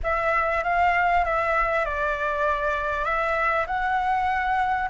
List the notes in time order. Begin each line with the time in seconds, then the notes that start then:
0.03 E5
0.63 F5
1.24 E5
1.85 D5
3.04 E5
3.66 F#5